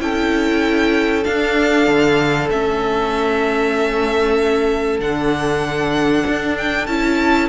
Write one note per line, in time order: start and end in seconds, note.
0.00 1.25 C#4
0.00 1.24 E4
0.00 7.50 A4
0.00 1.24 G5
1.24 2.49 D4
1.24 1.88 D4
1.24 2.49 F5
1.88 2.50 D3
2.51 4.99 A3
2.51 5.00 C#4
2.51 5.01 E5
4.99 6.24 D3
4.99 6.88 D4
4.99 6.57 F#5
6.27 6.88 D4
6.58 6.87 G5
6.87 7.50 C#4
6.87 7.50 E4
6.87 7.49 A5